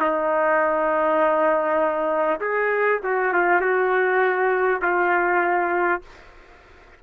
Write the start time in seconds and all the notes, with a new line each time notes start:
0.00 D#4
2.40 G#4
3.03 F#4
3.33 F4
3.61 F#4
4.81 F4